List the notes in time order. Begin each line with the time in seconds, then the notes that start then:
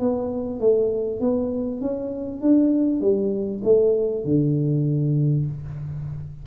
0.00 B3
0.60 A3
1.21 B3
1.81 C#4
2.41 D4
3.01 G3
3.64 A3
4.25 D3